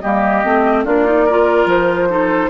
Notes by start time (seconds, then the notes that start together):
0.00 G3 A#3 G4 D#5
0.44 A3 C4
0.85 A#3 D4 F4 D5
1.06 D#4
1.25 F4 A#4
1.65 F3 C5
2.09 D#4 A4